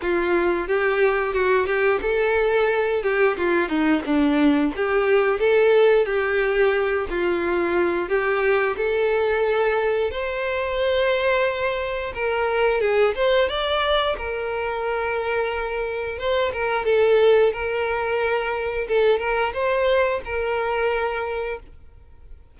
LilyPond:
\new Staff \with { instrumentName = "violin" } { \time 4/4 \tempo 4 = 89 f'4 g'4 fis'8 g'8 a'4~ | a'8 g'8 f'8 dis'8 d'4 g'4 | a'4 g'4. f'4. | g'4 a'2 c''4~ |
c''2 ais'4 gis'8 c''8 | d''4 ais'2. | c''8 ais'8 a'4 ais'2 | a'8 ais'8 c''4 ais'2 | }